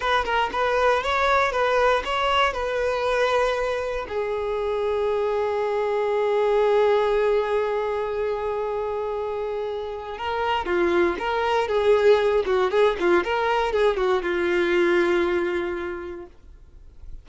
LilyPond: \new Staff \with { instrumentName = "violin" } { \time 4/4 \tempo 4 = 118 b'8 ais'8 b'4 cis''4 b'4 | cis''4 b'2. | gis'1~ | gis'1~ |
gis'1 | ais'4 f'4 ais'4 gis'4~ | gis'8 fis'8 gis'8 f'8 ais'4 gis'8 fis'8 | f'1 | }